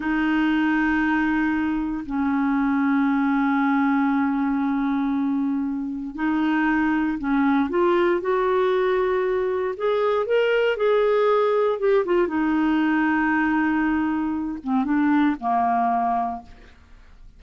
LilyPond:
\new Staff \with { instrumentName = "clarinet" } { \time 4/4 \tempo 4 = 117 dis'1 | cis'1~ | cis'1 | dis'2 cis'4 f'4 |
fis'2. gis'4 | ais'4 gis'2 g'8 f'8 | dis'1~ | dis'8 c'8 d'4 ais2 | }